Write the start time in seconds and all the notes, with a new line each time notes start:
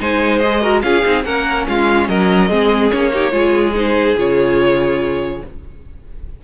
0.00 G#3 D#4 C5 G#5
0.40 G#4 D#5
0.62 F#4 A#4
0.82 C#4 F4 G#4 F5
1.04 C4 D#4
1.25 A#3 C#4 A#4 F#5
1.68 G#3 F4 F5
2.08 F#3 A#4 D#5
2.50 G#3 C4 G#4
2.91 A#3 C#4 C#5
3.13 D#4 G4
3.32 G#3 F4 G#4
3.75 D#4 C5
4.16 C#3 F4 C#5